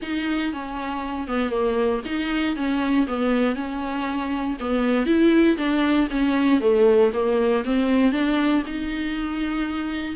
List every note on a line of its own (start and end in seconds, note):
0.02 0.52 D#4
0.52 1.27 C#4
1.27 1.50 B3
1.50 2.01 A#3
2.05 2.55 D#4
2.55 3.06 C#4
3.07 3.55 B3
3.55 4.56 C#4
4.60 5.06 B3
5.06 5.57 E4
5.57 6.08 D4
6.10 6.60 C#4
6.60 7.11 A3
7.13 7.64 A#3
7.64 8.11 C4
8.11 8.62 D4
8.66 10.15 D#4